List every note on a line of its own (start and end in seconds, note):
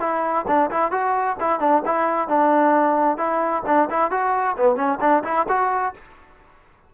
0.00 0.45 E4
0.48 0.70 D4
0.71 0.92 E4
0.92 1.37 F#4
1.40 1.60 E4
1.60 1.83 D4
1.85 2.28 E4
2.28 3.18 D4
3.18 3.63 E4
3.66 3.89 D4
3.90 4.11 E4
4.11 4.57 F#4
4.57 4.76 B3
4.76 4.99 C#4
5.01 5.24 D4
5.24 5.47 E4
5.49 5.94 F#4